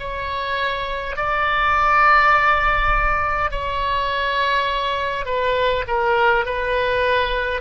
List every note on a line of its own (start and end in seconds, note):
0.00 1.17 C#5
1.17 3.51 D5
3.51 5.26 C#5
5.26 5.84 B4
5.88 6.45 A#4
6.45 7.61 B4